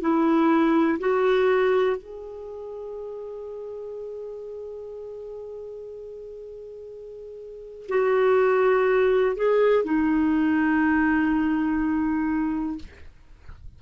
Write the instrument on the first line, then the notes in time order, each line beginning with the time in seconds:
clarinet
0.00 E4
0.99 F#4
1.96 G#4
7.88 F#4
9.36 G#4
9.84 D#4